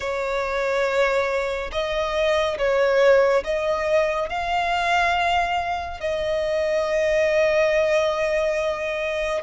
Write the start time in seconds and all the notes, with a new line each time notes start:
0.00 C#5
1.71 D#5
2.58 C#5
3.44 D#5
4.29 F5
6.00 D#5